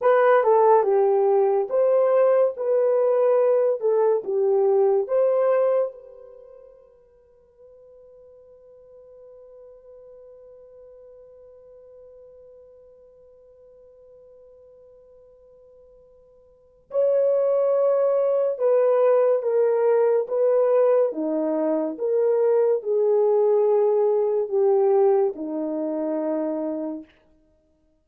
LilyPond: \new Staff \with { instrumentName = "horn" } { \time 4/4 \tempo 4 = 71 b'8 a'8 g'4 c''4 b'4~ | b'8 a'8 g'4 c''4 b'4~ | b'1~ | b'1~ |
b'1 | cis''2 b'4 ais'4 | b'4 dis'4 ais'4 gis'4~ | gis'4 g'4 dis'2 | }